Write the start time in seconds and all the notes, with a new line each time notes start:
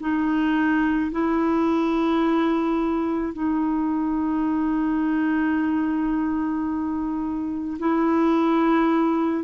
0.00 D#4
1.11 E4
3.33 D#4
7.79 E4